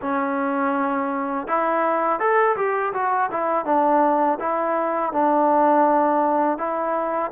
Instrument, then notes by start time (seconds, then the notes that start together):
trombone
0.01 C#4
1.47 E4
2.19 A4
2.56 G4
2.93 F#4
3.31 E4
3.65 D4
4.39 E4
5.12 D4
6.58 E4